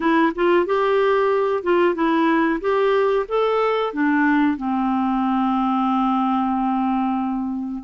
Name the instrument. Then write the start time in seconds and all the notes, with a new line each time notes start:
clarinet
0.00 E4
0.35 F4
0.66 G4
1.63 F4
1.94 E4
2.60 G4
3.28 A4
3.93 D4
4.57 C4